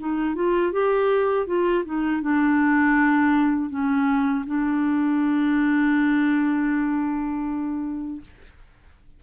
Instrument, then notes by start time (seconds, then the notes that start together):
clarinet
0.00 D#4
0.35 F4
0.72 G4
1.47 F4
1.85 D#4
2.22 D4
3.70 C#4
4.46 D4